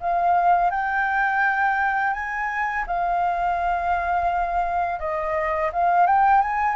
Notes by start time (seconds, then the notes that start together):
0.00 F5
0.70 G5
2.13 G#5
2.87 F5
4.99 D#5
5.72 F5
6.06 G5
6.41 G#5